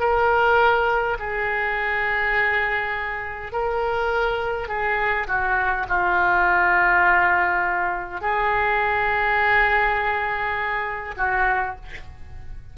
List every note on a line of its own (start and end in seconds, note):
0.00 1.18 A#4
1.19 3.52 G#4
3.52 4.68 A#4
4.68 5.27 G#4
5.28 5.87 F#4
5.89 8.21 F4
8.21 11.16 G#4
11.18 11.76 F#4